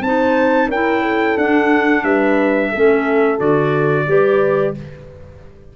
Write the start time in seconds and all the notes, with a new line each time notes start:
0.00 C4 D#4 C5 A5
0.68 C#4 E4 A#4 G5
1.02 A4
1.37 D4 F#5
2.03 G3 B4 E5
2.70 A3 C#4 A4
3.38 D3 F#4 D5
4.07 G3 G4 B4